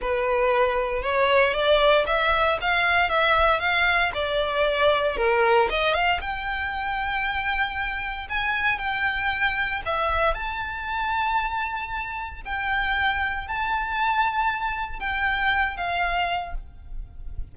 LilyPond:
\new Staff \with { instrumentName = "violin" } { \time 4/4 \tempo 4 = 116 b'2 cis''4 d''4 | e''4 f''4 e''4 f''4 | d''2 ais'4 dis''8 f''8 | g''1 |
gis''4 g''2 e''4 | a''1 | g''2 a''2~ | a''4 g''4. f''4. | }